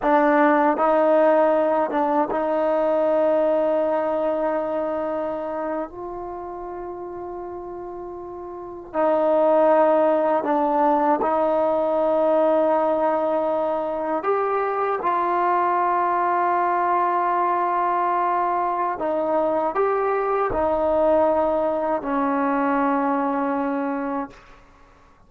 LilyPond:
\new Staff \with { instrumentName = "trombone" } { \time 4/4 \tempo 4 = 79 d'4 dis'4. d'8 dis'4~ | dis'2.~ dis'8. f'16~ | f'2.~ f'8. dis'16~ | dis'4.~ dis'16 d'4 dis'4~ dis'16~ |
dis'2~ dis'8. g'4 f'16~ | f'1~ | f'4 dis'4 g'4 dis'4~ | dis'4 cis'2. | }